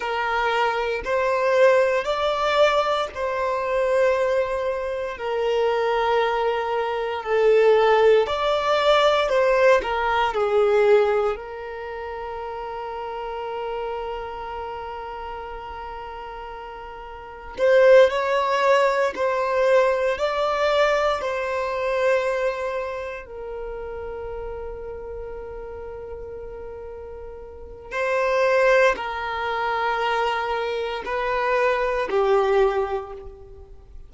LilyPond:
\new Staff \with { instrumentName = "violin" } { \time 4/4 \tempo 4 = 58 ais'4 c''4 d''4 c''4~ | c''4 ais'2 a'4 | d''4 c''8 ais'8 gis'4 ais'4~ | ais'1~ |
ais'4 c''8 cis''4 c''4 d''8~ | d''8 c''2 ais'4.~ | ais'2. c''4 | ais'2 b'4 g'4 | }